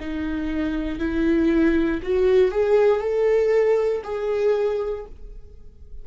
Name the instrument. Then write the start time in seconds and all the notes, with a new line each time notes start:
viola
0.00 D#4
0.99 E4
2.03 F#4
2.52 G#4
3.01 A4
4.04 G#4